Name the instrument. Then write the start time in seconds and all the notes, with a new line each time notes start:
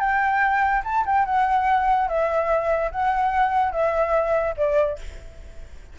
flute
0.00 G5
0.85 A5
1.06 G5
1.26 F#5
2.09 E5
2.92 F#5
3.72 E5
4.57 D5